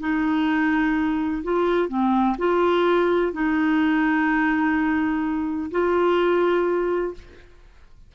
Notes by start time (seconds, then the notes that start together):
0.00 D#4
1.44 F4
1.89 C4
2.38 F4
3.33 D#4
5.71 F4